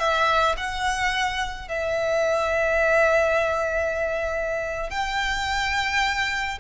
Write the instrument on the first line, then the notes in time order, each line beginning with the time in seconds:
violin
0.00 E5
0.57 F#5
1.69 E5
4.91 G5